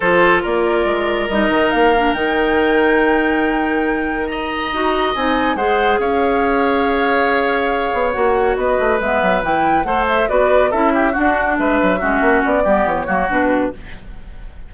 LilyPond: <<
  \new Staff \with { instrumentName = "flute" } { \time 4/4 \tempo 4 = 140 c''4 d''2 dis''4 | f''4 g''2.~ | g''2 ais''2 | gis''4 fis''4 f''2~ |
f''2. fis''4 | dis''4 e''4 g''4 fis''8 e''8 | d''4 e''4 fis''4 e''4~ | e''4 d''4 cis''4 b'4 | }
  \new Staff \with { instrumentName = "oboe" } { \time 4/4 a'4 ais'2.~ | ais'1~ | ais'2 dis''2~ | dis''4 c''4 cis''2~ |
cis''1 | b'2. c''4 | b'4 a'8 g'8 fis'4 b'4 | fis'4. g'4 fis'4. | }
  \new Staff \with { instrumentName = "clarinet" } { \time 4/4 f'2. dis'4~ | dis'8 d'8 dis'2.~ | dis'2. fis'4 | dis'4 gis'2.~ |
gis'2. fis'4~ | fis'4 b4 e'4 a'4 | fis'4 e'4 d'2 | cis'4. b4 ais8 d'4 | }
  \new Staff \with { instrumentName = "bassoon" } { \time 4/4 f4 ais4 gis4 g8 dis8 | ais4 dis2.~ | dis2. dis'4 | c'4 gis4 cis'2~ |
cis'2~ cis'8 b8 ais4 | b8 a8 gis8 fis8 e4 a4 | b4 cis'4 d'4 gis8 fis8 | gis8 ais8 b8 g8 e8 fis8 b,4 | }
>>